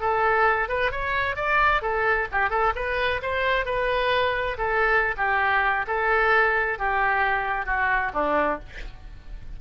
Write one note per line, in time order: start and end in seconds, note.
0.00 0.69 A4
0.69 0.91 B4
0.91 1.36 C#5
1.36 1.82 D5
1.82 2.28 A4
2.32 2.50 G4
2.50 2.73 A4
2.75 3.21 B4
3.22 3.65 C5
3.65 4.57 B4
4.58 5.15 A4
5.17 5.86 G4
5.87 6.78 A4
6.78 7.66 G4
7.66 8.12 F#4
8.13 8.59 D4